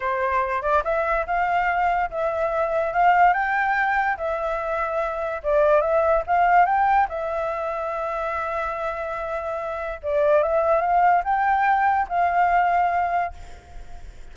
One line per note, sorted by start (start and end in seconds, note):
0.00 0.62 C5
0.62 0.83 D5
0.84 1.25 E5
1.26 2.09 F5
2.10 2.93 E5
2.93 3.33 F5
3.33 4.16 G5
4.17 5.42 E5
5.43 5.81 D5
5.81 6.22 E5
6.27 6.65 F5
6.65 7.07 G5
7.08 10.00 E5
10.02 10.43 D5
10.43 10.81 E5
10.81 11.22 F5
11.24 12.07 G5
12.08 13.33 F5